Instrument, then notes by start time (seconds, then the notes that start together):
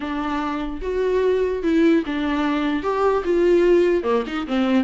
viola
0.00 D4
0.81 F#4
1.63 E4
2.06 D4
2.82 G4
3.24 F4
4.03 A#3
4.26 D#4
4.47 C4